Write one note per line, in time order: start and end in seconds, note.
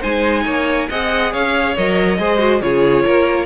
0.00 0.46 G#3
0.00 0.90 D#4
0.00 0.43 C5
0.00 0.89 G#5
0.46 0.89 A#3
0.46 0.89 C#5
0.89 1.34 C4
0.89 1.77 G#4
0.89 1.32 D#5
0.89 1.33 F#5
1.33 1.77 C#4
1.33 2.19 C#5
1.33 1.77 F5
1.77 2.19 F#3
1.77 2.19 A#4
1.77 2.61 D#5
2.19 2.62 G#3
2.19 2.39 G#4
2.19 2.62 C5
2.39 2.60 F#4
2.61 3.05 C#3
2.61 3.46 F4
2.61 3.05 G#4
2.61 3.46 C#5
3.05 3.46 A#3
3.05 3.46 A#4